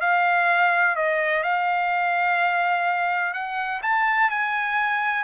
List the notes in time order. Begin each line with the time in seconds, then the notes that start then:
0.00 F5
0.95 D#5
1.43 F5
3.33 F#5
3.82 A5
4.30 G#5